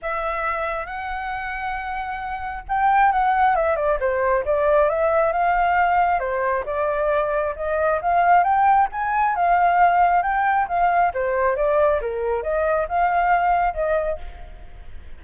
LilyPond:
\new Staff \with { instrumentName = "flute" } { \time 4/4 \tempo 4 = 135 e''2 fis''2~ | fis''2 g''4 fis''4 | e''8 d''8 c''4 d''4 e''4 | f''2 c''4 d''4~ |
d''4 dis''4 f''4 g''4 | gis''4 f''2 g''4 | f''4 c''4 d''4 ais'4 | dis''4 f''2 dis''4 | }